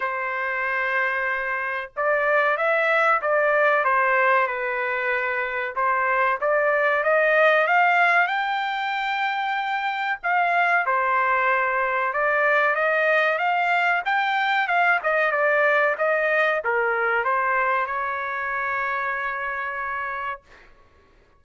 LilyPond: \new Staff \with { instrumentName = "trumpet" } { \time 4/4 \tempo 4 = 94 c''2. d''4 | e''4 d''4 c''4 b'4~ | b'4 c''4 d''4 dis''4 | f''4 g''2. |
f''4 c''2 d''4 | dis''4 f''4 g''4 f''8 dis''8 | d''4 dis''4 ais'4 c''4 | cis''1 | }